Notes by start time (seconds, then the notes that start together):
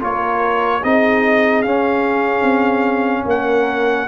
0.00 A#3 F4 A#4 C#5
0.82 C4 D#4 G#4 D#5
1.62 C#4 F5
2.42 C4
3.25 A#3 A#4 F#5